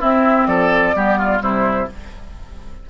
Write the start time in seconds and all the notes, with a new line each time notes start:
0.00 C4 E4 E5
0.46 F3 A4 D5
0.95 G3 B3 G4
1.18 F4
1.39 C3 G3 E4 C5